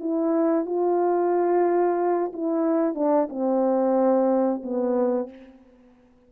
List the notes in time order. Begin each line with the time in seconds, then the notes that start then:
0.00 E4
0.66 F4
2.33 E4
2.95 D4
3.29 C4
4.63 B3